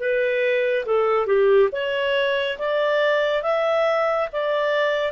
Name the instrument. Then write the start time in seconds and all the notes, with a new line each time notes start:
clarinet
0.00 B4
0.86 A4
1.27 G4
1.72 C#5
2.59 D5
3.43 E5
4.33 D5